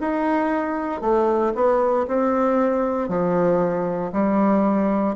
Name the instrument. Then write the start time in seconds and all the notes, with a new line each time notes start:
bassoon
0.00 D#4
1.01 A3
1.54 B3
2.07 C4
3.08 F3
4.12 G3